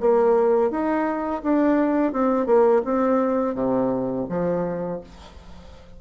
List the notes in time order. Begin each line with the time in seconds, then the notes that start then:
0.00 A#3
0.70 D#4
1.43 D4
2.12 C4
2.46 A#3
2.84 C4
3.55 C3
4.29 F3